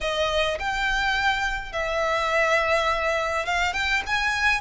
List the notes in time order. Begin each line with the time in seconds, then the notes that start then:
0.00 D#5
0.59 G5
1.72 E5
3.45 F5
3.73 G5
4.06 G#5